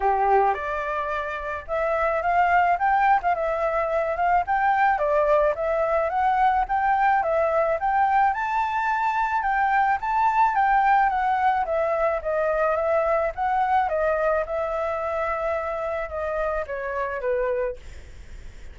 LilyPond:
\new Staff \with { instrumentName = "flute" } { \time 4/4 \tempo 4 = 108 g'4 d''2 e''4 | f''4 g''8. f''16 e''4. f''8 | g''4 d''4 e''4 fis''4 | g''4 e''4 g''4 a''4~ |
a''4 g''4 a''4 g''4 | fis''4 e''4 dis''4 e''4 | fis''4 dis''4 e''2~ | e''4 dis''4 cis''4 b'4 | }